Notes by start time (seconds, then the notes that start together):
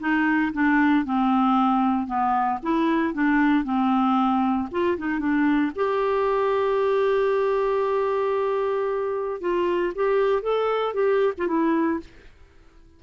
0.00 D#4
0.53 D4
1.05 C4
2.07 B3
2.63 E4
3.14 D4
3.64 C4
4.71 F4
4.98 D#4
5.19 D4
5.75 G4
9.41 F4
9.95 G4
10.42 A4
10.94 G4
11.38 F4
11.48 E4